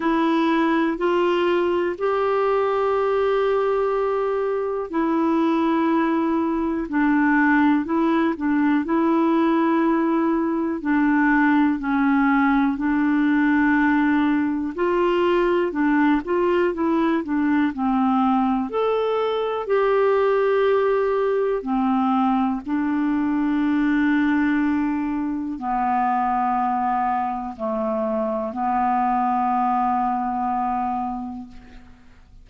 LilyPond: \new Staff \with { instrumentName = "clarinet" } { \time 4/4 \tempo 4 = 61 e'4 f'4 g'2~ | g'4 e'2 d'4 | e'8 d'8 e'2 d'4 | cis'4 d'2 f'4 |
d'8 f'8 e'8 d'8 c'4 a'4 | g'2 c'4 d'4~ | d'2 b2 | a4 b2. | }